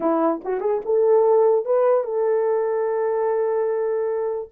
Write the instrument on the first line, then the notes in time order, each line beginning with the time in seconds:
horn
0.00 E4
0.44 F#4
0.60 G#4
0.85 A4
1.65 B4
2.04 A4